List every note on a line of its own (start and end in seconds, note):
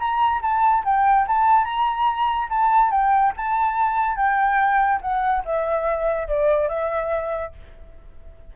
0.00 0.42 A#5
0.42 0.84 A5
0.85 1.27 G5
1.28 1.65 A5
1.65 2.49 A#5
2.50 2.91 A5
2.91 3.33 G5
3.37 4.17 A5
4.17 5.01 G5
5.02 5.44 F#5
5.45 6.28 E5
6.28 6.69 D5
6.69 7.53 E5